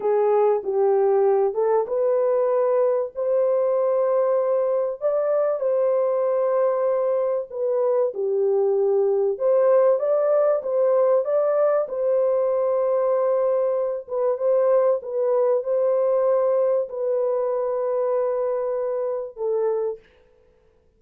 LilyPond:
\new Staff \with { instrumentName = "horn" } { \time 4/4 \tempo 4 = 96 gis'4 g'4. a'8 b'4~ | b'4 c''2. | d''4 c''2. | b'4 g'2 c''4 |
d''4 c''4 d''4 c''4~ | c''2~ c''8 b'8 c''4 | b'4 c''2 b'4~ | b'2. a'4 | }